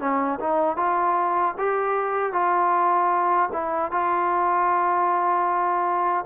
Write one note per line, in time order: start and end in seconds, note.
0.00 0.39 C#4
0.40 0.77 D#4
0.77 1.54 F4
1.58 2.33 G4
2.33 3.50 F4
3.53 3.91 E4
3.91 6.25 F4